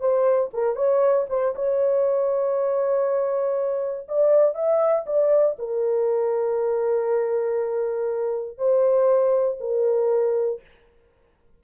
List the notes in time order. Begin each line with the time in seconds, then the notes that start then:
0.00 C5
0.54 A#4
0.76 C#5
1.29 C5
1.56 C#5
4.08 D5
4.54 E5
5.06 D5
5.59 A#4
8.58 C5
9.60 A#4